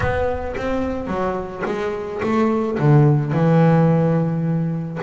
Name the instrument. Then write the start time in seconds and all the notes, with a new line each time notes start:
double bass
0.00 B3
0.57 C4
1.07 F#3
1.65 G#3
2.22 A3
2.79 D3
3.32 E3